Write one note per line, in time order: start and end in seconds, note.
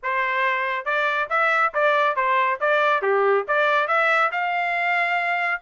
0.02 0.85 C5
0.85 1.28 D5
1.29 1.72 E5
1.74 2.16 D5
2.16 2.59 C5
2.60 3.02 D5
3.02 3.45 G4
3.47 3.87 D5
3.87 4.30 E5
4.31 5.61 F5